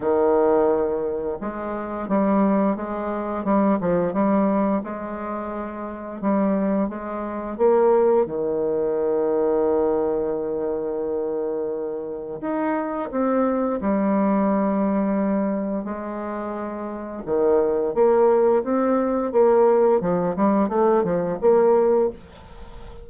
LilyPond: \new Staff \with { instrumentName = "bassoon" } { \time 4/4 \tempo 4 = 87 dis2 gis4 g4 | gis4 g8 f8 g4 gis4~ | gis4 g4 gis4 ais4 | dis1~ |
dis2 dis'4 c'4 | g2. gis4~ | gis4 dis4 ais4 c'4 | ais4 f8 g8 a8 f8 ais4 | }